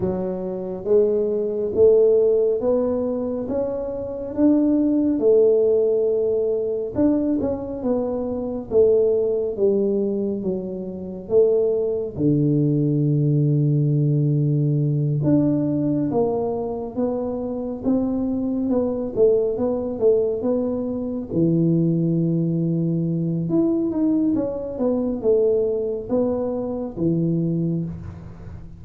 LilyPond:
\new Staff \with { instrumentName = "tuba" } { \time 4/4 \tempo 4 = 69 fis4 gis4 a4 b4 | cis'4 d'4 a2 | d'8 cis'8 b4 a4 g4 | fis4 a4 d2~ |
d4. d'4 ais4 b8~ | b8 c'4 b8 a8 b8 a8 b8~ | b8 e2~ e8 e'8 dis'8 | cis'8 b8 a4 b4 e4 | }